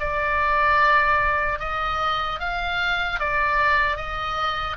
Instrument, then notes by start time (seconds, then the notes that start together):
oboe
0.00 D5
1.60 D#5
2.40 F5
3.20 D5
3.97 D#5